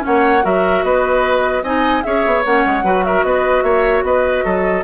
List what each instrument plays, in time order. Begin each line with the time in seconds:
0.00 clarinet C#4, oboe C#5, flute F#5
0.07 bassoon A#3
0.43 bassoon F#3, clarinet F#4, oboe A#4, flute E5
0.83 bassoon B3, oboe B4, flute D#5
1.63 bassoon C4, clarinet D#4, oboe D#5, flute G#5
2.03 bassoon C#4, clarinet G#4, oboe C#5, flute E5
2.26 bassoon B3
2.45 bassoon A#3, clarinet C#4, flute F#5
2.66 bassoon G#3
2.83 bassoon F#3, clarinet F#4, oboe B4
3.04 oboe A#4, flute E5
3.24 bassoon B3, oboe B4, flute D#5
3.63 bassoon A#3, oboe C#5, flute E5
4.03 bassoon B3, oboe B4, flute D#5
4.44 bassoon F#3, oboe A4